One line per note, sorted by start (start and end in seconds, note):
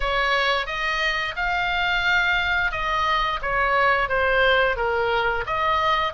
0.00 0.66 C#5
0.66 1.35 D#5
1.36 2.71 F5
2.71 3.39 D#5
3.42 4.08 C#5
4.08 4.76 C5
4.76 5.44 A#4
5.46 6.13 D#5